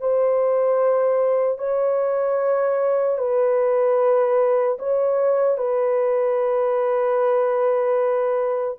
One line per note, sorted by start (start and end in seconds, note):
0.00 1.58 C5
1.58 3.18 C#5
3.18 4.78 B4
4.79 5.57 C#5
5.57 8.77 B4